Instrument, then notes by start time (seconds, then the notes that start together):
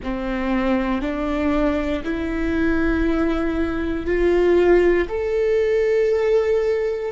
viola
0.03 C4
1.01 D4
2.03 E4
4.06 F4
5.08 A4